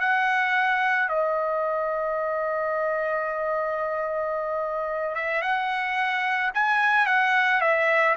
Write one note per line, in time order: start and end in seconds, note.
0.00 1.09 F#5
1.09 5.15 D#5
5.15 5.42 E5
5.42 6.51 F#5
6.55 7.07 G#5
7.07 7.61 F#5
7.61 8.16 E5